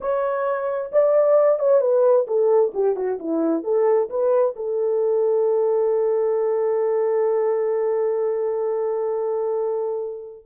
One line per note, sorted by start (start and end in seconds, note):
0.00 0.91 C#5
0.92 1.59 D5
1.59 1.81 C#5
1.81 2.26 B4
2.27 2.72 A4
2.74 2.96 G4
2.96 3.18 F#4
3.19 3.63 E4
3.63 4.09 A4
4.09 4.55 B4
4.56 10.45 A4